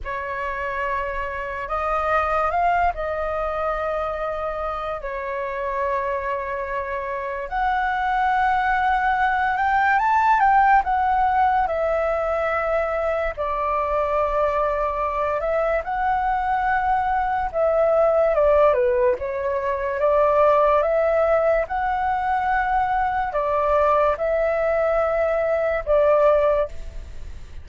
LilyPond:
\new Staff \with { instrumentName = "flute" } { \time 4/4 \tempo 4 = 72 cis''2 dis''4 f''8 dis''8~ | dis''2 cis''2~ | cis''4 fis''2~ fis''8 g''8 | a''8 g''8 fis''4 e''2 |
d''2~ d''8 e''8 fis''4~ | fis''4 e''4 d''8 b'8 cis''4 | d''4 e''4 fis''2 | d''4 e''2 d''4 | }